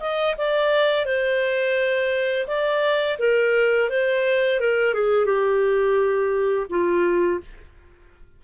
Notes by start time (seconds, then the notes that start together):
0.00 D#5
0.38 D5
1.06 C5
2.47 D5
3.19 A#4
3.90 C5
4.60 A#4
4.94 G#4
5.26 G4
6.70 F4